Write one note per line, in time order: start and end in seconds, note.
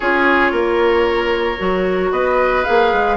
0.00 0.52 C#4
0.00 1.58 F4
0.00 0.51 G#4
0.00 2.11 C#5
0.51 1.58 A#3
0.51 2.10 A#4
1.58 2.11 F#3
1.58 2.64 F#4
2.11 2.64 B3
2.11 3.17 B4
2.11 2.64 D#5
2.64 2.92 A#3
2.64 3.17 G#4
2.64 3.17 F5
2.92 3.17 G#3